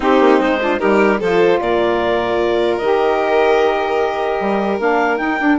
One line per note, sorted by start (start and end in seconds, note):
0.00 0.19 C4
0.00 0.59 C4
0.00 0.60 D#4
0.00 0.40 G4
0.19 0.39 A#3
0.39 0.79 G#3
0.39 0.79 C5
0.60 0.78 D4
0.60 0.80 F4
0.78 1.21 G3
0.78 1.18 D#4
0.78 1.20 G4
0.78 1.19 A#4
1.20 1.60 F3
1.20 2.80 F4
1.20 1.60 A4
1.20 1.60 C5
1.60 2.80 A#2
1.60 5.58 A#4
1.60 2.77 D5
2.77 4.40 D#3
2.77 4.79 G4
2.77 4.77 D#5
4.40 4.79 G3
4.79 5.19 A#3
4.79 5.17 D4
4.79 5.17 F5
5.17 5.37 D#4
5.17 5.40 D#4
5.17 5.57 G5
5.40 5.58 D4